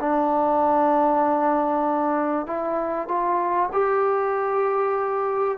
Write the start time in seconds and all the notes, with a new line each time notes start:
0.00 D4
2.46 E4
3.08 F4
3.72 G4